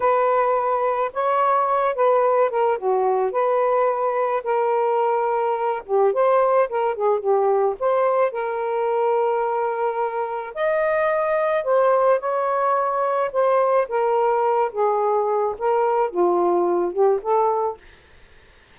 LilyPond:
\new Staff \with { instrumentName = "saxophone" } { \time 4/4 \tempo 4 = 108 b'2 cis''4. b'8~ | b'8 ais'8 fis'4 b'2 | ais'2~ ais'8 g'8 c''4 | ais'8 gis'8 g'4 c''4 ais'4~ |
ais'2. dis''4~ | dis''4 c''4 cis''2 | c''4 ais'4. gis'4. | ais'4 f'4. g'8 a'4 | }